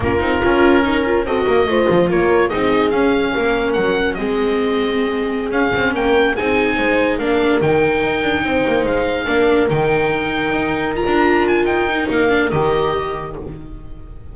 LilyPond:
<<
  \new Staff \with { instrumentName = "oboe" } { \time 4/4 \tempo 4 = 144 ais'2. dis''4~ | dis''4 cis''4 dis''4 f''4~ | f''4 fis''4 dis''2~ | dis''4~ dis''16 f''4 g''4 gis''8.~ |
gis''4~ gis''16 f''4 g''4.~ g''16~ | g''4~ g''16 f''2 g''8.~ | g''2~ g''16 ais''4~ ais''16 gis''8 | g''4 f''4 dis''2 | }
  \new Staff \with { instrumentName = "horn" } { \time 4/4 f'2 ais'4 a'8 ais'8 | c''4 ais'4 gis'2 | ais'2 gis'2~ | gis'2~ gis'16 ais'4 gis'8.~ |
gis'16 c''4 ais'2~ ais'8.~ | ais'16 c''2 ais'4.~ ais'16~ | ais'1~ | ais'1 | }
  \new Staff \with { instrumentName = "viola" } { \time 4/4 cis'8 dis'8 f'4 dis'8 f'8 fis'4 | f'2 dis'4 cis'4~ | cis'2 c'2~ | c'4~ c'16 cis'2 dis'8.~ |
dis'4~ dis'16 d'4 dis'4.~ dis'16~ | dis'2~ dis'16 d'4 dis'8.~ | dis'2~ dis'16 f'4.~ f'16~ | f'8 dis'4 d'8 g'2 | }
  \new Staff \with { instrumentName = "double bass" } { \time 4/4 ais8 c'8 cis'2 c'8 ais8 | a8 f8 ais4 c'4 cis'4 | ais4 fis4 gis2~ | gis4~ gis16 cis'8 c'8 ais4 c'8.~ |
c'16 gis4 ais4 dis4 dis'8 d'16~ | d'16 c'8 ais8 gis4 ais4 dis8.~ | dis4~ dis16 dis'4~ dis'16 d'4. | dis'4 ais4 dis2 | }
>>